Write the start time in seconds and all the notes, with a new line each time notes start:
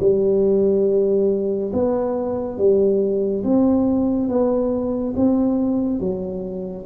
0.00 G3
1.73 B3
2.58 G3
3.44 C4
4.29 B3
5.16 C4
6.00 F#3